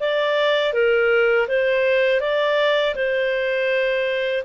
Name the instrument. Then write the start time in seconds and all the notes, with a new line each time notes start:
clarinet
0.00 D5
0.73 A#4
1.48 C5
2.21 D5
2.95 C5